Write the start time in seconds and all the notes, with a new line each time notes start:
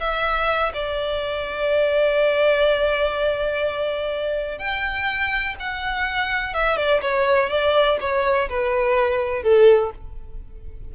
0.00 E5
0.74 D5
4.59 G5
5.60 F#5
6.54 E5
6.77 D5
7.02 C#5
7.50 D5
8.01 C#5
8.49 B4
9.43 A4